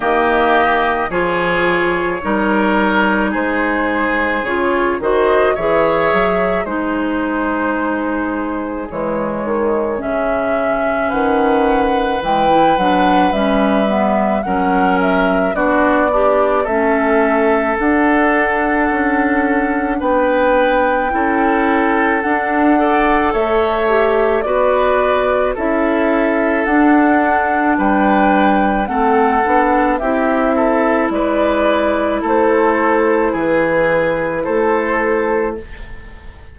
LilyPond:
<<
  \new Staff \with { instrumentName = "flute" } { \time 4/4 \tempo 4 = 54 dis''4 cis''2 c''4 | cis''8 dis''8 e''4 c''2 | cis''4 e''4 fis''4 g''8 fis''8 | e''4 fis''8 e''8 d''4 e''4 |
fis''2 g''2 | fis''4 e''4 d''4 e''4 | fis''4 g''4 fis''4 e''4 | d''4 c''4 b'4 c''4 | }
  \new Staff \with { instrumentName = "oboe" } { \time 4/4 g'4 gis'4 ais'4 gis'4~ | gis'8 c''8 cis''4 gis'2~ | gis'2 b'2~ | b'4 ais'4 fis'8 d'8 a'4~ |
a'2 b'4 a'4~ | a'8 d''8 cis''4 b'4 a'4~ | a'4 b'4 a'4 g'8 a'8 | b'4 a'4 gis'4 a'4 | }
  \new Staff \with { instrumentName = "clarinet" } { \time 4/4 ais4 f'4 dis'2 | f'8 fis'8 gis'4 dis'2 | gis4 cis'2 gis16 e'16 d'8 | cis'8 b8 cis'4 d'8 g'8 cis'4 |
d'2. e'4 | d'8 a'4 g'8 fis'4 e'4 | d'2 c'8 d'8 e'4~ | e'1 | }
  \new Staff \with { instrumentName = "bassoon" } { \time 4/4 dis4 f4 g4 gis4 | cis8 dis8 e8 fis8 gis2 | e8 dis8 cis4 dis4 e8 fis8 | g4 fis4 b4 a4 |
d'4 cis'4 b4 cis'4 | d'4 a4 b4 cis'4 | d'4 g4 a8 b8 c'4 | gis4 a4 e4 a4 | }
>>